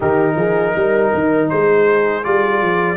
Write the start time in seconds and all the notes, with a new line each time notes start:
0.00 D#3 D#4 G4 A#4
0.35 F3 G#4
0.75 G3 A#4
1.14 D#3
1.49 G#3 G#4 C5
2.23 G3 F4 D5
2.61 F3